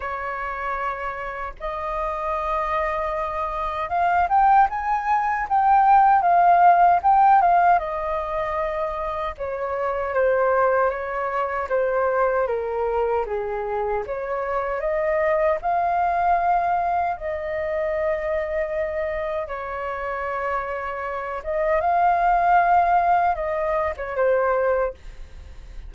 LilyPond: \new Staff \with { instrumentName = "flute" } { \time 4/4 \tempo 4 = 77 cis''2 dis''2~ | dis''4 f''8 g''8 gis''4 g''4 | f''4 g''8 f''8 dis''2 | cis''4 c''4 cis''4 c''4 |
ais'4 gis'4 cis''4 dis''4 | f''2 dis''2~ | dis''4 cis''2~ cis''8 dis''8 | f''2 dis''8. cis''16 c''4 | }